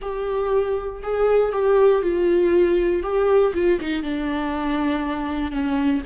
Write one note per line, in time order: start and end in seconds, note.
0.01 1.02 G4
1.02 1.52 G#4
1.52 2.02 G4
2.02 3.02 F4
3.02 3.53 G4
3.54 3.79 F4
3.80 4.02 D#4
4.02 5.51 D4
5.51 6.01 C#4